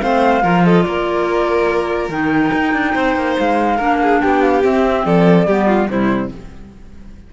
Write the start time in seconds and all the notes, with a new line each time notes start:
0.00 A3 C4 C5 F5
0.43 F3 F4 A#4
0.65 A4 D#5
0.83 A#3 A#4 D5
2.09 D#3 D#4 G5
2.53 D#4
2.73 D4
2.94 C4 C5
3.16 A#3
3.39 G#3 F5
3.76 A#3 D4 A#4
4.02 G#4
4.21 B3 G4 G5
4.42 F5
4.63 C4 E5
5.05 F3 A4 D5
5.46 G3 B3 G4
5.67 F4
5.89 C3 G3 E4 C5